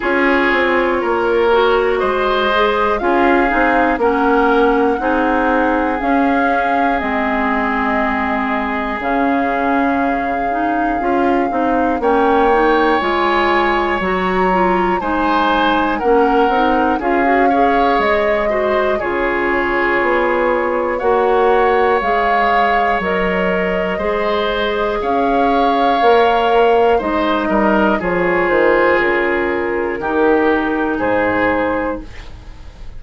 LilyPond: <<
  \new Staff \with { instrumentName = "flute" } { \time 4/4 \tempo 4 = 60 cis''2 dis''4 f''4 | fis''2 f''4 dis''4~ | dis''4 f''2. | g''4 gis''4 ais''4 gis''4 |
fis''4 f''4 dis''4 cis''4~ | cis''4 fis''4 f''4 dis''4~ | dis''4 f''2 dis''4 | cis''8 c''8 ais'2 c''4 | }
  \new Staff \with { instrumentName = "oboe" } { \time 4/4 gis'4 ais'4 c''4 gis'4 | ais'4 gis'2.~ | gis'1 | cis''2. c''4 |
ais'4 gis'8 cis''4 c''8 gis'4~ | gis'4 cis''2. | c''4 cis''2 c''8 ais'8 | gis'2 g'4 gis'4 | }
  \new Staff \with { instrumentName = "clarinet" } { \time 4/4 f'4. fis'4 gis'8 f'8 dis'8 | cis'4 dis'4 cis'4 c'4~ | c'4 cis'4. dis'8 f'8 dis'8 | cis'8 dis'8 f'4 fis'8 f'8 dis'4 |
cis'8 dis'8 f'16 fis'16 gis'4 fis'8 f'4~ | f'4 fis'4 gis'4 ais'4 | gis'2 ais'4 dis'4 | f'2 dis'2 | }
  \new Staff \with { instrumentName = "bassoon" } { \time 4/4 cis'8 c'8 ais4 gis4 cis'8 c'8 | ais4 c'4 cis'4 gis4~ | gis4 cis2 cis'8 c'8 | ais4 gis4 fis4 gis4 |
ais8 c'8 cis'4 gis4 cis4 | b4 ais4 gis4 fis4 | gis4 cis'4 ais4 gis8 g8 | f8 dis8 cis4 dis4 gis,4 | }
>>